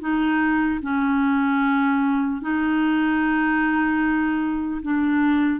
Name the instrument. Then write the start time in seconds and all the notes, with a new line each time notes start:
clarinet
0.00 D#4
0.82 C#4
2.41 D#4
4.83 D4